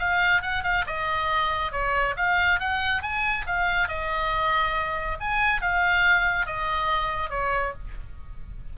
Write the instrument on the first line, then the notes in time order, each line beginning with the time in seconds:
oboe
0.00 F5
0.42 F#5
0.64 F5
0.87 D#5
1.72 C#5
2.17 F5
2.60 F#5
3.03 G#5
3.47 F5
3.89 D#5
5.21 G#5
5.62 F5
6.47 D#5
7.30 C#5